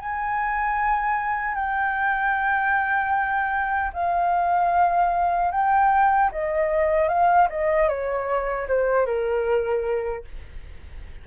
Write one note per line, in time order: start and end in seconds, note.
0.00 1.55 G#5
1.55 3.92 G5
3.93 5.51 F5
5.52 6.31 G5
6.32 7.09 D#5
7.09 7.48 F5
7.50 7.88 D#5
7.88 8.67 C#5
8.68 9.06 C5
9.06 10.25 A#4